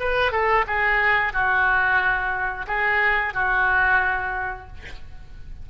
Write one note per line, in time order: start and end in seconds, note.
0.00 0.32 B4
0.32 0.65 A4
0.67 1.33 G#4
1.33 2.66 F#4
2.67 3.34 G#4
3.34 4.67 F#4